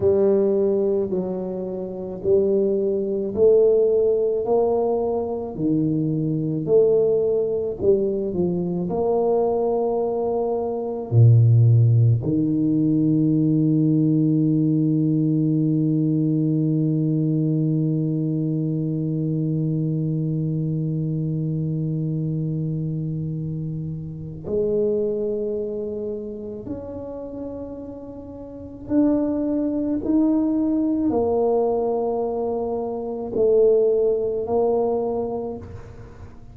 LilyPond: \new Staff \with { instrumentName = "tuba" } { \time 4/4 \tempo 4 = 54 g4 fis4 g4 a4 | ais4 dis4 a4 g8 f8 | ais2 ais,4 dis4~ | dis1~ |
dis1~ | dis2 gis2 | cis'2 d'4 dis'4 | ais2 a4 ais4 | }